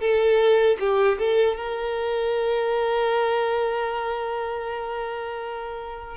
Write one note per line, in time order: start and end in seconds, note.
0.00 0.77 A4
0.79 1.17 G4
1.18 1.56 A4
1.56 6.17 A#4